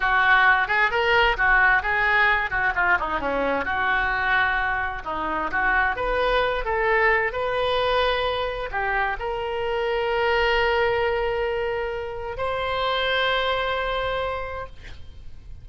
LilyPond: \new Staff \with { instrumentName = "oboe" } { \time 4/4 \tempo 4 = 131 fis'4. gis'8 ais'4 fis'4 | gis'4. fis'8 f'8 dis'8 cis'4 | fis'2. dis'4 | fis'4 b'4. a'4. |
b'2. g'4 | ais'1~ | ais'2. c''4~ | c''1 | }